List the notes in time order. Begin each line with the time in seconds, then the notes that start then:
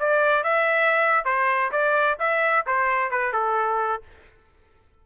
0.00 D5
0.44 E5
1.25 C5
1.72 D5
2.19 E5
2.67 C5
3.11 B4
3.33 A4